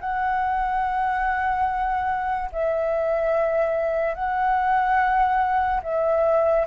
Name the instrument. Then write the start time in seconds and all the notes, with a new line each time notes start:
flute
0.00 F#5
2.52 E5
4.14 F#5
5.83 E5